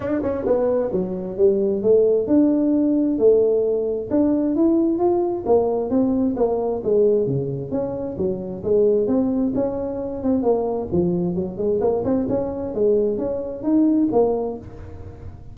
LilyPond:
\new Staff \with { instrumentName = "tuba" } { \time 4/4 \tempo 4 = 132 d'8 cis'8 b4 fis4 g4 | a4 d'2 a4~ | a4 d'4 e'4 f'4 | ais4 c'4 ais4 gis4 |
cis4 cis'4 fis4 gis4 | c'4 cis'4. c'8 ais4 | f4 fis8 gis8 ais8 c'8 cis'4 | gis4 cis'4 dis'4 ais4 | }